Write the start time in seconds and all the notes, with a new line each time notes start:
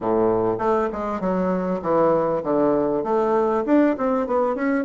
0.01 A2
0.58 A3
0.92 G#3
1.20 F#3
1.82 E3
2.43 D3
3.03 A3
3.65 D4
3.97 C4
4.26 B3
4.55 C#4